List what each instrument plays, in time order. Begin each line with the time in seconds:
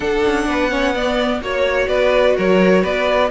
0.00 cello D4, viola D4, violin A4 F#5
0.25 cello C#4
0.47 cello B3, violin B4
0.70 viola C#4, violin C#5
0.94 viola B3, violin D5
1.40 cello A#3, viola F#4, violin C#5
1.88 cello B3, violin B4 D5
2.35 cello F#3, violin A#4 C#5
2.82 cello B3, violin B4 D5